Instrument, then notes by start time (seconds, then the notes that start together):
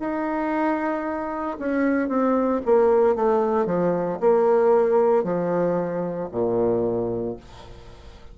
bassoon
0.00 D#4
1.59 C#4
2.09 C4
2.66 A#3
3.16 A3
3.67 F3
4.21 A#3
5.24 F3
6.32 A#2